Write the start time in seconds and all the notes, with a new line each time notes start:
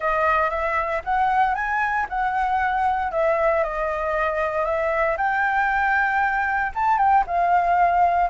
0.00 D#5
0.50 E5
1.04 F#5
1.54 G#5
2.09 F#5
3.11 E5
3.63 D#5
4.65 E5
5.17 G5
6.74 A5
6.98 G5
7.26 F5